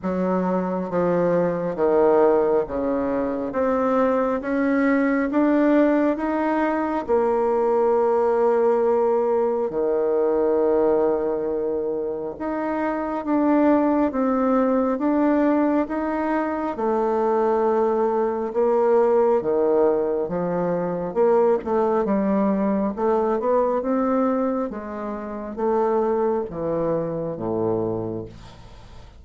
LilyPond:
\new Staff \with { instrumentName = "bassoon" } { \time 4/4 \tempo 4 = 68 fis4 f4 dis4 cis4 | c'4 cis'4 d'4 dis'4 | ais2. dis4~ | dis2 dis'4 d'4 |
c'4 d'4 dis'4 a4~ | a4 ais4 dis4 f4 | ais8 a8 g4 a8 b8 c'4 | gis4 a4 e4 a,4 | }